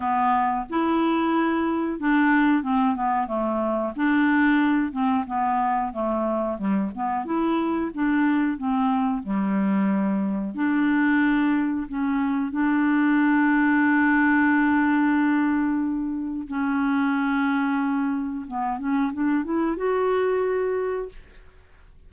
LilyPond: \new Staff \with { instrumentName = "clarinet" } { \time 4/4 \tempo 4 = 91 b4 e'2 d'4 | c'8 b8 a4 d'4. c'8 | b4 a4 g8 b8 e'4 | d'4 c'4 g2 |
d'2 cis'4 d'4~ | d'1~ | d'4 cis'2. | b8 cis'8 d'8 e'8 fis'2 | }